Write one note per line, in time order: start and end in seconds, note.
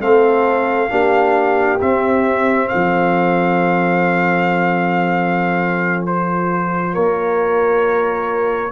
0.00 0.90 A3
0.00 0.90 C4
0.00 0.91 A4
0.00 1.80 F5
0.90 1.81 A#3
0.90 1.79 D4
0.90 2.69 G4
1.81 2.71 C4
1.81 6.07 C4
1.81 2.68 E5
2.68 6.94 A4
2.68 6.04 F5
2.74 6.96 F3
6.07 8.72 F4
6.07 6.94 C5
6.94 8.72 A#3
6.94 8.72 A#4
6.94 8.72 C#5